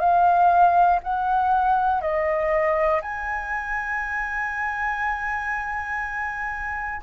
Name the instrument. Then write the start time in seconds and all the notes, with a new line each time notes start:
flute
0.00 F5
1.03 F#5
2.01 D#5
3.02 G#5